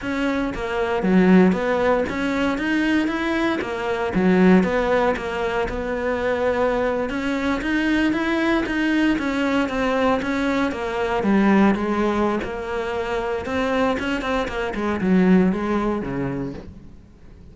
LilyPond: \new Staff \with { instrumentName = "cello" } { \time 4/4 \tempo 4 = 116 cis'4 ais4 fis4 b4 | cis'4 dis'4 e'4 ais4 | fis4 b4 ais4 b4~ | b4.~ b16 cis'4 dis'4 e'16~ |
e'8. dis'4 cis'4 c'4 cis'16~ | cis'8. ais4 g4 gis4~ gis16 | ais2 c'4 cis'8 c'8 | ais8 gis8 fis4 gis4 cis4 | }